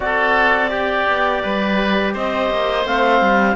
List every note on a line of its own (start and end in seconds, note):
0.00 1.06 C4
0.00 0.69 F#4
0.00 0.71 A4
0.00 2.14 D5
0.69 2.83 G4
0.69 1.42 G4
1.07 1.43 B3
1.42 2.14 G3
1.42 2.13 B4
2.13 2.50 C4
2.13 3.55 C5
2.13 2.86 D#5
2.50 2.85 A#3
2.84 3.20 A3
2.84 3.55 C4
2.84 3.55 F5
3.20 3.55 G3